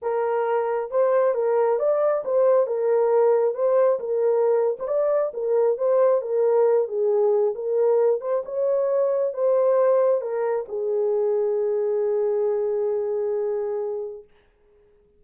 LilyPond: \new Staff \with { instrumentName = "horn" } { \time 4/4 \tempo 4 = 135 ais'2 c''4 ais'4 | d''4 c''4 ais'2 | c''4 ais'4.~ ais'16 c''16 d''4 | ais'4 c''4 ais'4. gis'8~ |
gis'4 ais'4. c''8 cis''4~ | cis''4 c''2 ais'4 | gis'1~ | gis'1 | }